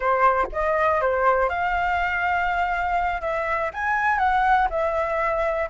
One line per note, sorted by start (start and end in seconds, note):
0.00 0.47 C5
0.52 1.01 D#5
1.01 1.49 C5
1.49 3.21 F5
3.21 3.70 E5
3.73 4.18 G#5
4.18 4.67 F#5
4.69 5.69 E5